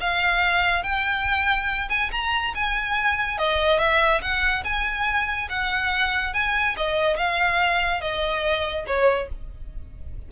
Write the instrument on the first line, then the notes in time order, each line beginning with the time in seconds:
violin
0.00 F5
0.83 G5
1.89 G#5
2.11 A#5
2.54 G#5
3.38 D#5
3.79 E5
4.21 F#5
4.64 G#5
5.49 F#5
6.33 G#5
6.77 D#5
7.17 F5
8.00 D#5
8.86 C#5